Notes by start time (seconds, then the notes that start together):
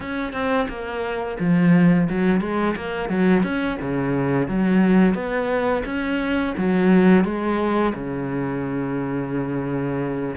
0.00 C#4
0.32 C4
0.68 A#3
1.39 F3
2.09 F#3
2.40 G#3
2.76 A#3
3.09 F#3
3.43 C#4
3.81 C#3
4.48 F#3
5.14 B3
5.85 C#4
6.57 F#3
7.24 G#3
7.94 C#3